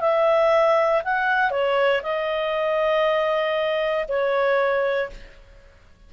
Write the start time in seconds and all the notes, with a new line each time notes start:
0.00 E5
1.04 F#5
1.51 C#5
2.02 D#5
4.08 C#5